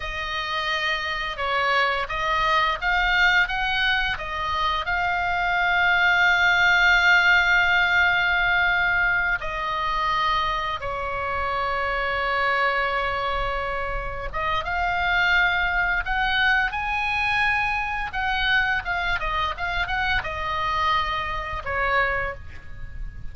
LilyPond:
\new Staff \with { instrumentName = "oboe" } { \time 4/4 \tempo 4 = 86 dis''2 cis''4 dis''4 | f''4 fis''4 dis''4 f''4~ | f''1~ | f''4. dis''2 cis''8~ |
cis''1~ | cis''8 dis''8 f''2 fis''4 | gis''2 fis''4 f''8 dis''8 | f''8 fis''8 dis''2 cis''4 | }